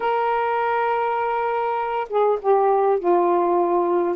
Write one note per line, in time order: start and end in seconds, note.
0.00 2.07 A#4
2.09 2.38 G#4
2.41 2.99 G4
2.99 4.16 F4